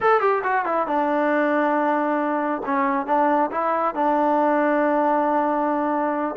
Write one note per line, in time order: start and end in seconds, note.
0.00 0.20 A4
0.20 0.42 G4
0.43 0.65 F#4
0.65 0.86 E4
0.86 2.62 D4
2.65 3.06 C#4
3.06 3.50 D4
3.51 3.94 E4
3.95 6.35 D4